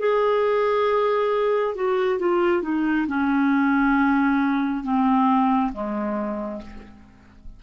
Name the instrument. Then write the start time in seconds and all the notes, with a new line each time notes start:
clarinet
0.00 G#4
1.76 F#4
2.19 F4
2.63 D#4
3.08 C#4
4.84 C4
5.74 G#3